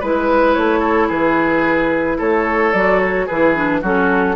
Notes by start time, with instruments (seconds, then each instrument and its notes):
0.00 bassoon G#3, clarinet E4, oboe B4, flute B4
0.55 bassoon A3, flute C#5
0.80 oboe A4
1.09 bassoon E3, oboe G#4, flute B4
2.18 bassoon A3, oboe A4, flute C#5
2.74 bassoon F#3, clarinet F#4, flute D5
3.00 flute C#5
3.27 bassoon E3, clarinet E4, oboe G#4, flute B4
3.55 clarinet D4
3.82 bassoon F#3, clarinet C#4, oboe F#4, flute A4